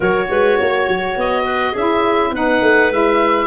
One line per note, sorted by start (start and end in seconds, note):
0.00 0.29 F#3
0.00 1.74 F#4
0.00 0.27 A#4
0.00 1.18 C#5
0.29 0.58 G#3
0.29 0.59 B4
0.59 0.87 A#3
0.59 1.44 C#5
0.87 1.16 F#3
1.16 1.74 B3
1.16 1.76 D#5
1.44 1.71 B4
1.71 2.31 C#4
1.71 2.34 E4
1.71 2.30 G#4
1.71 2.34 E5
2.31 2.60 B3
2.31 2.92 D#4
2.31 3.47 B4
2.31 2.92 F#5
2.61 2.90 A3
2.90 3.47 G#3
2.90 3.47 E4
2.90 3.47 E5